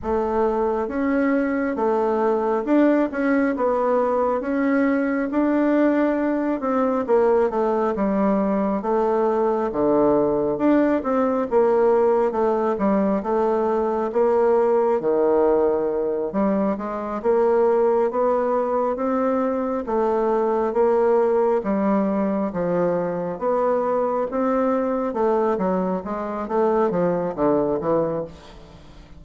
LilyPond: \new Staff \with { instrumentName = "bassoon" } { \time 4/4 \tempo 4 = 68 a4 cis'4 a4 d'8 cis'8 | b4 cis'4 d'4. c'8 | ais8 a8 g4 a4 d4 | d'8 c'8 ais4 a8 g8 a4 |
ais4 dis4. g8 gis8 ais8~ | ais8 b4 c'4 a4 ais8~ | ais8 g4 f4 b4 c'8~ | c'8 a8 fis8 gis8 a8 f8 d8 e8 | }